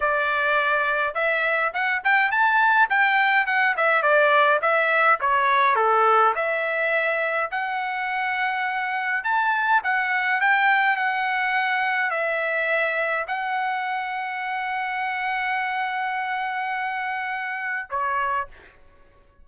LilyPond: \new Staff \with { instrumentName = "trumpet" } { \time 4/4 \tempo 4 = 104 d''2 e''4 fis''8 g''8 | a''4 g''4 fis''8 e''8 d''4 | e''4 cis''4 a'4 e''4~ | e''4 fis''2. |
a''4 fis''4 g''4 fis''4~ | fis''4 e''2 fis''4~ | fis''1~ | fis''2. cis''4 | }